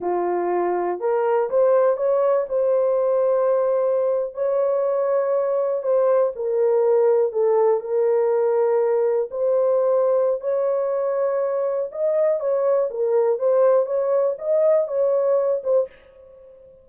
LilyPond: \new Staff \with { instrumentName = "horn" } { \time 4/4 \tempo 4 = 121 f'2 ais'4 c''4 | cis''4 c''2.~ | c''8. cis''2. c''16~ | c''8. ais'2 a'4 ais'16~ |
ais'2~ ais'8. c''4~ c''16~ | c''4 cis''2. | dis''4 cis''4 ais'4 c''4 | cis''4 dis''4 cis''4. c''8 | }